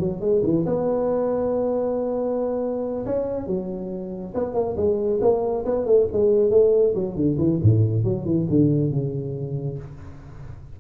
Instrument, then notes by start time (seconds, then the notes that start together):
tuba
0.00 F#3
0.21 G#3
0.44 E3
0.66 B3
3.06 C#4
3.47 F#3
4.35 B3
4.54 A#3
4.77 G#3
5.22 A#3
5.66 B3
5.86 A3
6.13 G#3
6.51 A3
6.95 F#3
7.16 D3
7.38 E3
7.63 A2
8.05 F#3
8.25 E3
8.50 D3
8.92 C#3